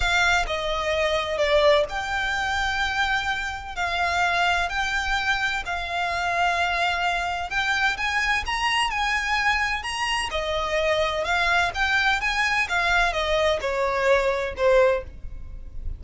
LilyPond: \new Staff \with { instrumentName = "violin" } { \time 4/4 \tempo 4 = 128 f''4 dis''2 d''4 | g''1 | f''2 g''2 | f''1 |
g''4 gis''4 ais''4 gis''4~ | gis''4 ais''4 dis''2 | f''4 g''4 gis''4 f''4 | dis''4 cis''2 c''4 | }